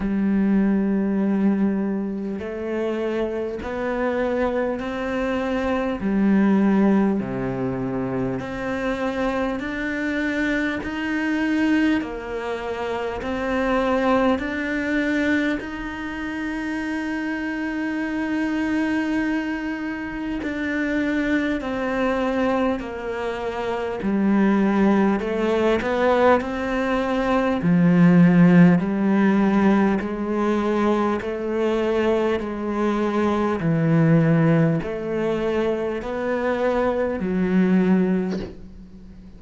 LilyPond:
\new Staff \with { instrumentName = "cello" } { \time 4/4 \tempo 4 = 50 g2 a4 b4 | c'4 g4 c4 c'4 | d'4 dis'4 ais4 c'4 | d'4 dis'2.~ |
dis'4 d'4 c'4 ais4 | g4 a8 b8 c'4 f4 | g4 gis4 a4 gis4 | e4 a4 b4 fis4 | }